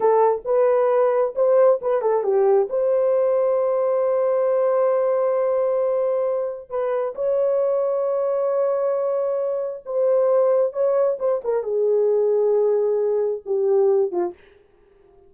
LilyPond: \new Staff \with { instrumentName = "horn" } { \time 4/4 \tempo 4 = 134 a'4 b'2 c''4 | b'8 a'8 g'4 c''2~ | c''1~ | c''2. b'4 |
cis''1~ | cis''2 c''2 | cis''4 c''8 ais'8 gis'2~ | gis'2 g'4. f'8 | }